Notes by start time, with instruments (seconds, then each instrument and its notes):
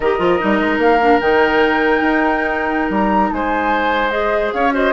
0.00 bassoon D#3, clarinet G4, oboe A#4, flute D#5
0.18 bassoon F3, clarinet F4
0.39 bassoon G3, clarinet D#4
0.59 bassoon G#3
0.78 bassoon A#3, flute F5
1.01 clarinet D4
1.20 bassoon D#3, clarinet D#4, flute G5
2.00 bassoon D#4
2.90 bassoon G3, flute A#5
3.32 bassoon G#3, oboe C5, flute G#5
4.09 clarinet G#4, flute D#5
4.52 bassoon C#4, oboe C#5, flute F5
4.71 clarinet F#4, oboe C5, flute D#5